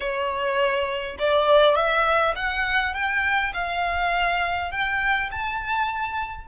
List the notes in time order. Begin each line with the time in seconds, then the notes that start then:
0.00 C#5
1.18 D5
1.75 E5
2.35 F#5
2.94 G5
3.53 F5
4.71 G5
5.31 A5